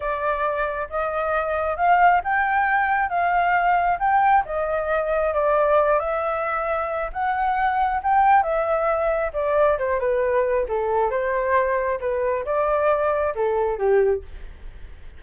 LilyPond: \new Staff \with { instrumentName = "flute" } { \time 4/4 \tempo 4 = 135 d''2 dis''2 | f''4 g''2 f''4~ | f''4 g''4 dis''2 | d''4. e''2~ e''8 |
fis''2 g''4 e''4~ | e''4 d''4 c''8 b'4. | a'4 c''2 b'4 | d''2 a'4 g'4 | }